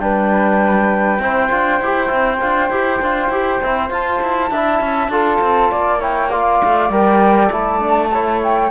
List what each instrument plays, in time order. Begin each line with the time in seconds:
0.00 cello G3, trombone D4, flute B4 G5
1.19 cello C4, trombone E4, flute C5
1.51 cello D4, trombone F4
1.81 cello E4, trombone G4
2.08 cello C4, trombone E4
2.41 cello D4, trombone F4
2.71 cello E4, trombone G4
3.02 cello D4, trombone F4
3.29 cello E4, trombone G4
3.63 cello C4, trombone E4
3.90 trombone F4, cello F4, flute A5
4.22 cello E4
4.51 cello D4, trombone E4, flute E5
4.80 cello C#4
5.08 cello D4, trombone F4, flute A4
5.41 cello C4
5.71 cello A#3, flute D5
6.00 trombone E4, flute C#5 G5
6.30 trombone F4, flute D5 F5
6.65 cello A3
6.90 cello G3, trombone A#4, flute G5
7.52 cello A3, trombone E4, flute A5
7.80 trombone D4
8.13 trombone E4, flute C#5
8.44 flute G5